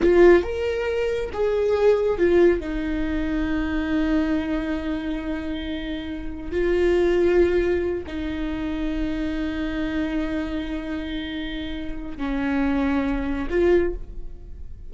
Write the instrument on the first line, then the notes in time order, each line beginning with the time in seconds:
viola
0.02 F4
0.43 A#4
1.33 G#4
2.18 F4
2.60 D#4
6.51 F4
8.06 D#4
12.17 C#4
13.50 F4